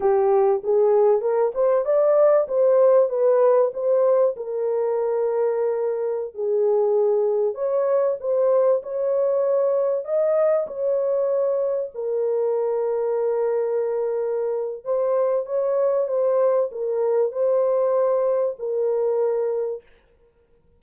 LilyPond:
\new Staff \with { instrumentName = "horn" } { \time 4/4 \tempo 4 = 97 g'4 gis'4 ais'8 c''8 d''4 | c''4 b'4 c''4 ais'4~ | ais'2~ ais'16 gis'4.~ gis'16~ | gis'16 cis''4 c''4 cis''4.~ cis''16~ |
cis''16 dis''4 cis''2 ais'8.~ | ais'1 | c''4 cis''4 c''4 ais'4 | c''2 ais'2 | }